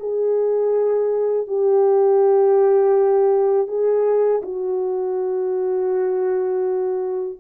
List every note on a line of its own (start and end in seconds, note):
0.00 1.47 G#4
1.47 3.67 G4
3.67 4.41 G#4
4.42 7.39 F#4